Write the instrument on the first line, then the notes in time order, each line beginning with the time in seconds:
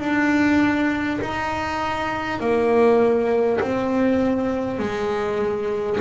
double bass
0.00 D4
1.21 D#4
2.41 A#3
3.61 C4
4.79 G#3